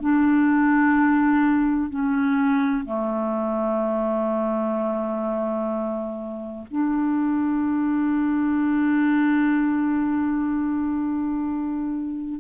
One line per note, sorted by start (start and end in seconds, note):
0.00 1.90 D4
1.90 2.85 C#4
2.85 6.66 A3
6.71 12.40 D4